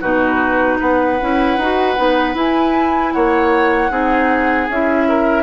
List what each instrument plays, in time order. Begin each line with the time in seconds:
0.00 bassoon B2, clarinet D#4, oboe F#4, flute B4
0.79 bassoon B3, oboe B4, flute F#5
1.20 bassoon C#4, clarinet E4
1.57 bassoon D#4, clarinet F#4
1.96 bassoon B3, clarinet D#4
2.34 bassoon E4, clarinet E4, flute G#5
3.12 bassoon A#3, oboe C#5, flute F#5
3.90 bassoon C4, clarinet D#4, oboe G#4
4.69 bassoon C#4, clarinet E4, flute E5
5.08 oboe A#4